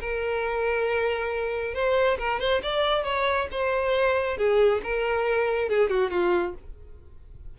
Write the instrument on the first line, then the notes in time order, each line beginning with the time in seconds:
violin
0.00 A#4
1.74 C5
2.18 A#4
2.40 C5
2.62 D5
3.04 C#5
3.51 C5
4.37 G#4
4.83 A#4
5.69 G#4
5.89 F#4
6.10 F4